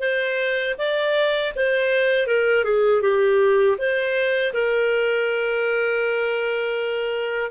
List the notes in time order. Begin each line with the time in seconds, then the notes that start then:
0.00 C5
0.78 D5
1.56 C5
2.27 A#4
2.65 G#4
3.02 G4
3.78 C5
4.53 A#4